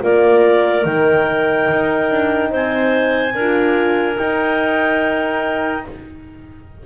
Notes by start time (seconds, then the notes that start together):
0.00 A#3 F4 A#4 D5
0.82 D#3 D#4 G5
1.71 D#4
2.10 D4
2.50 C4 C5 G#5
3.34 D4 A#4
3.40 F4
4.15 D#4 G5